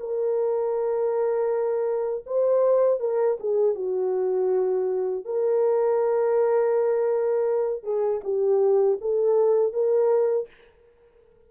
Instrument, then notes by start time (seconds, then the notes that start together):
horn
0.00 A#4
2.26 C5
3.00 A#4
3.40 G#4
3.75 F#4
5.25 A#4
7.83 G#4
8.24 G4
9.01 A4
9.73 A#4